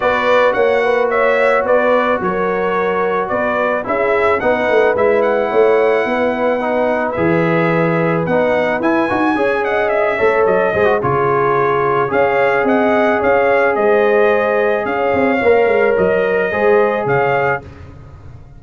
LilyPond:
<<
  \new Staff \with { instrumentName = "trumpet" } { \time 4/4 \tempo 4 = 109 d''4 fis''4 e''4 d''4 | cis''2 d''4 e''4 | fis''4 e''8 fis''2~ fis''8~ | fis''4 e''2 fis''4 |
gis''4. fis''8 e''4 dis''4 | cis''2 f''4 fis''4 | f''4 dis''2 f''4~ | f''4 dis''2 f''4 | }
  \new Staff \with { instrumentName = "horn" } { \time 4/4 b'4 cis''8 b'8 cis''4 b'4 | ais'2 b'4 gis'4 | b'2 cis''4 b'4~ | b'1~ |
b'4 cis''8 dis''4 cis''4 c''8 | gis'2 cis''4 dis''4 | cis''4 c''2 cis''4~ | cis''2 c''4 cis''4 | }
  \new Staff \with { instrumentName = "trombone" } { \time 4/4 fis'1~ | fis'2. e'4 | dis'4 e'2. | dis'4 gis'2 dis'4 |
e'8 fis'8 gis'4. a'4 gis'16 fis'16 | f'2 gis'2~ | gis'1 | ais'2 gis'2 | }
  \new Staff \with { instrumentName = "tuba" } { \time 4/4 b4 ais2 b4 | fis2 b4 cis'4 | b8 a8 gis4 a4 b4~ | b4 e2 b4 |
e'8 dis'8 cis'4. a8 fis8 gis8 | cis2 cis'4 c'4 | cis'4 gis2 cis'8 c'8 | ais8 gis8 fis4 gis4 cis4 | }
>>